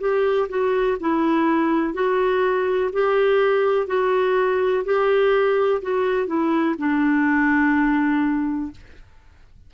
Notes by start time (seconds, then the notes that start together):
0.00 G4
0.49 F#4
1.00 E4
1.94 F#4
2.93 G4
3.87 F#4
4.85 G4
5.82 F#4
6.27 E4
6.78 D4